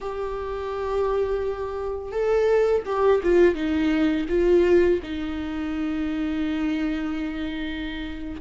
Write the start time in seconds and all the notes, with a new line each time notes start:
0.00 G4
2.11 A4
2.85 G4
3.23 F4
3.54 D#4
4.29 F4
5.02 D#4